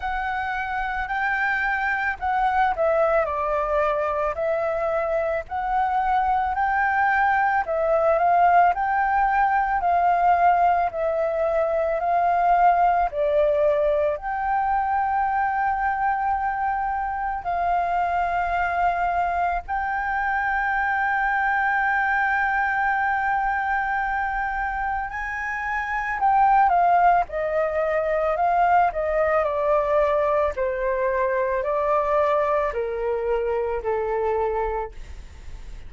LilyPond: \new Staff \with { instrumentName = "flute" } { \time 4/4 \tempo 4 = 55 fis''4 g''4 fis''8 e''8 d''4 | e''4 fis''4 g''4 e''8 f''8 | g''4 f''4 e''4 f''4 | d''4 g''2. |
f''2 g''2~ | g''2. gis''4 | g''8 f''8 dis''4 f''8 dis''8 d''4 | c''4 d''4 ais'4 a'4 | }